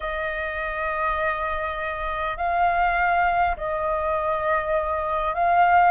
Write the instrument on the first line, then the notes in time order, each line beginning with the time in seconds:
flute
0.00 D#5
2.37 F5
3.56 D#5
5.34 F5